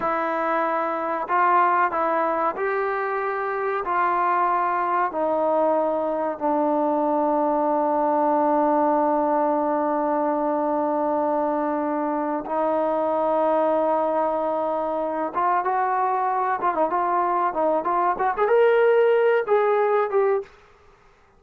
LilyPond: \new Staff \with { instrumentName = "trombone" } { \time 4/4 \tempo 4 = 94 e'2 f'4 e'4 | g'2 f'2 | dis'2 d'2~ | d'1~ |
d'2.~ d'8 dis'8~ | dis'1 | f'8 fis'4. f'16 dis'16 f'4 dis'8 | f'8 fis'16 gis'16 ais'4. gis'4 g'8 | }